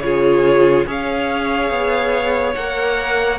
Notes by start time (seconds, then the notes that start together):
0.00 C#3 F4 G#4 C#5
0.86 C#4 G#4 C#5 F5
1.70 B3
2.54 A#3 A#4 F#5